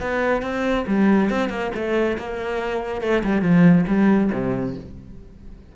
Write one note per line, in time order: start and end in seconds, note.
0.00 0.42 B3
0.42 0.85 C4
0.87 1.30 G3
1.30 1.49 C4
1.49 1.70 A#3
1.74 2.17 A3
2.17 3.01 A#3
3.01 3.23 A3
3.24 3.41 G3
3.41 3.84 F3
3.87 4.30 G3
4.32 4.75 C3